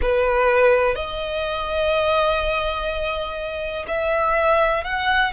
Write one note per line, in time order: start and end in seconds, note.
0.01 0.95 B4
0.95 3.85 D#5
3.87 4.83 E5
4.83 5.32 F#5